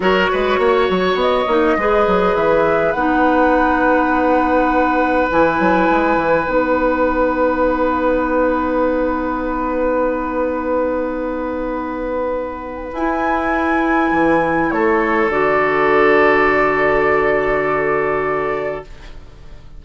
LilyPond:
<<
  \new Staff \with { instrumentName = "flute" } { \time 4/4 \tempo 4 = 102 cis''2 dis''2 | e''4 fis''2.~ | fis''4 gis''2 fis''4~ | fis''1~ |
fis''1~ | fis''2 gis''2~ | gis''4 cis''4 d''2~ | d''1 | }
  \new Staff \with { instrumentName = "oboe" } { \time 4/4 ais'8 b'8 cis''2 b'4~ | b'1~ | b'1~ | b'1~ |
b'1~ | b'1~ | b'4 a'2.~ | a'1 | }
  \new Staff \with { instrumentName = "clarinet" } { \time 4/4 fis'2~ fis'8 dis'8 gis'4~ | gis'4 dis'2.~ | dis'4 e'2 dis'4~ | dis'1~ |
dis'1~ | dis'2 e'2~ | e'2 fis'2~ | fis'1 | }
  \new Staff \with { instrumentName = "bassoon" } { \time 4/4 fis8 gis8 ais8 fis8 b8 ais8 gis8 fis8 | e4 b2.~ | b4 e8 fis8 gis8 e8 b4~ | b1~ |
b1~ | b2 e'2 | e4 a4 d2~ | d1 | }
>>